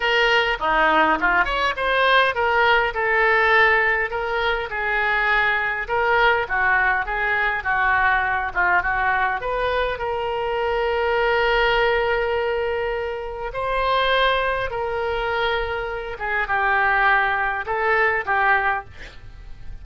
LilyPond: \new Staff \with { instrumentName = "oboe" } { \time 4/4 \tempo 4 = 102 ais'4 dis'4 f'8 cis''8 c''4 | ais'4 a'2 ais'4 | gis'2 ais'4 fis'4 | gis'4 fis'4. f'8 fis'4 |
b'4 ais'2.~ | ais'2. c''4~ | c''4 ais'2~ ais'8 gis'8 | g'2 a'4 g'4 | }